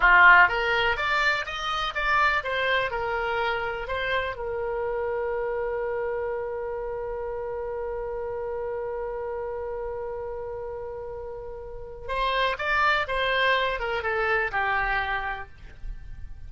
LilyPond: \new Staff \with { instrumentName = "oboe" } { \time 4/4 \tempo 4 = 124 f'4 ais'4 d''4 dis''4 | d''4 c''4 ais'2 | c''4 ais'2.~ | ais'1~ |
ais'1~ | ais'1~ | ais'4 c''4 d''4 c''4~ | c''8 ais'8 a'4 g'2 | }